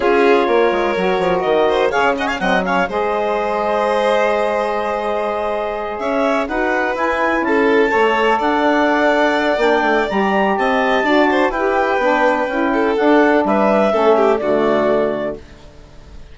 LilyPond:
<<
  \new Staff \with { instrumentName = "clarinet" } { \time 4/4 \tempo 4 = 125 cis''2. dis''4 | f''8 fis''16 gis''16 fis''8 f''8 dis''2~ | dis''1~ | dis''8 e''4 fis''4 gis''4 a''8~ |
a''4. fis''2~ fis''8 | g''4 ais''4 a''2 | g''2. fis''4 | e''2 d''2 | }
  \new Staff \with { instrumentName = "violin" } { \time 4/4 gis'4 ais'2~ ais'8 c''8 | cis''8 dis''16 f''16 dis''8 cis''8 c''2~ | c''1~ | c''8 cis''4 b'2 a'8~ |
a'8 cis''4 d''2~ d''8~ | d''2 dis''4 d''8 c''8 | b'2~ b'8 a'4. | b'4 a'8 g'8 fis'2 | }
  \new Staff \with { instrumentName = "saxophone" } { \time 4/4 f'2 fis'2 | gis'8 cis'8 c'8 cis'8 gis'2~ | gis'1~ | gis'4. fis'4 e'4.~ |
e'8 a'2.~ a'8 | d'4 g'2 fis'4 | g'4 d'4 e'4 d'4~ | d'4 cis'4 a2 | }
  \new Staff \with { instrumentName = "bassoon" } { \time 4/4 cis'4 ais8 gis8 fis8 f8 dis4 | cis4 fis4 gis2~ | gis1~ | gis8 cis'4 dis'4 e'4 cis'8~ |
cis'8 a4 d'2~ d'8 | ais8 a8 g4 c'4 d'4 | e'4 b4 cis'4 d'4 | g4 a4 d2 | }
>>